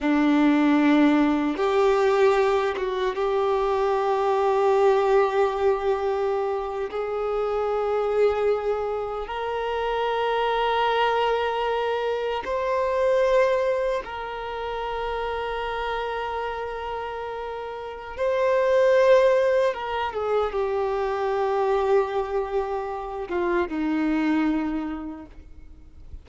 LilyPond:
\new Staff \with { instrumentName = "violin" } { \time 4/4 \tempo 4 = 76 d'2 g'4. fis'8 | g'1~ | g'8. gis'2. ais'16~ | ais'2.~ ais'8. c''16~ |
c''4.~ c''16 ais'2~ ais'16~ | ais'2. c''4~ | c''4 ais'8 gis'8 g'2~ | g'4. f'8 dis'2 | }